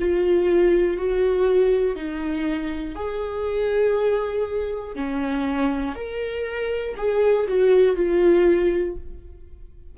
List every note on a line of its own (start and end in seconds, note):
0.00 0.98 F4
0.98 1.96 F#4
1.96 2.95 D#4
2.95 4.95 G#4
4.96 5.95 C#4
5.95 6.95 A#4
6.97 7.47 G#4
7.48 7.97 F#4
7.97 8.97 F4